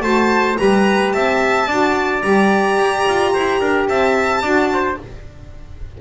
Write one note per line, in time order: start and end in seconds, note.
0.00 0.55 A3
0.00 0.56 F#4
0.00 0.58 C5
0.00 0.56 A5
0.56 1.14 G3
0.56 1.66 G4
0.56 1.13 B4
0.56 1.12 A#5
1.12 1.66 C4
1.12 1.67 E5
1.12 2.21 A5
1.66 2.21 D4
1.66 2.22 F#4
1.66 3.32 D5
2.21 2.77 G3
2.21 4.42 G4
2.21 3.87 A#5
2.77 3.04 G4
3.07 3.35 F4
3.33 3.60 E4
3.33 3.60 C5
3.60 3.88 D4
3.60 3.88 A#4
3.88 4.42 C4
3.88 4.41 E5
3.88 4.98 A5
4.41 4.97 D4
4.41 4.97 F#4
4.41 4.69 D5
4.73 5.01 C5